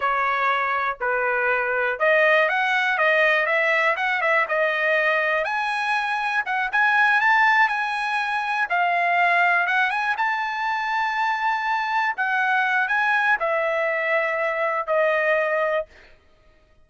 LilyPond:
\new Staff \with { instrumentName = "trumpet" } { \time 4/4 \tempo 4 = 121 cis''2 b'2 | dis''4 fis''4 dis''4 e''4 | fis''8 e''8 dis''2 gis''4~ | gis''4 fis''8 gis''4 a''4 gis''8~ |
gis''4. f''2 fis''8 | gis''8 a''2.~ a''8~ | a''8 fis''4. gis''4 e''4~ | e''2 dis''2 | }